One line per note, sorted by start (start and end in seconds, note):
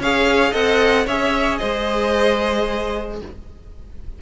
0.00 0.53 C#4
0.00 0.53 G#4
0.00 0.52 C#5
0.00 0.54 F5
0.52 1.07 C4
0.52 1.06 A4
0.52 1.05 D#5
0.52 1.07 F#5
1.06 1.61 C#4
1.06 3.22 G#4
1.06 1.60 C#5
1.06 1.58 E5
1.58 3.22 G#3
1.58 3.19 C5
1.58 3.17 D#5